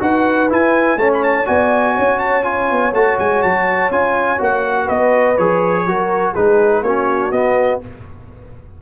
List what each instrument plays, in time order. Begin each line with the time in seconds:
0.00 tuba D#4, trombone F#4, horn B4, trumpet F#5
0.50 trombone E4, tuba E4, trumpet G#5
0.96 tuba A3, trombone C#4, horn C#5, trumpet A5
1.14 trumpet B5
1.24 trumpet A5
1.46 tuba B3, trombone F#4, horn D5, trumpet G#5
1.95 tuba C#4, horn C#5
2.20 trumpet A5
2.43 trombone F4, trumpet G#5
2.72 tuba B3
2.93 tuba A3, trombone F#4, trumpet A5
3.19 tuba G#3, trumpet G#5
3.43 tuba F#3, trumpet A5
3.91 tuba C#4, trombone F4, trumpet G#5
4.38 tuba A#3, trombone F#4, trumpet F#5
4.85 tuba B3, horn B4, trumpet D#5
5.38 tuba F3, trombone G#4, trumpet C#5
5.86 tuba F#3, trombone F#4, horn A#4
6.33 tuba G#3, trombone D#4, horn G#4, trumpet B4
6.83 tuba A#3, trombone C#4, horn F#4, trumpet C#5
7.32 tuba B3, trombone B3, trumpet D#5